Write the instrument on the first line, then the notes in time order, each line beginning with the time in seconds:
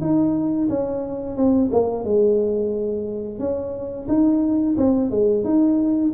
tuba
0.00 D#4
0.68 C#4
1.36 C4
1.71 A#3
2.04 G#3
3.39 C#4
4.08 D#4
4.77 C4
5.10 G#3
5.44 D#4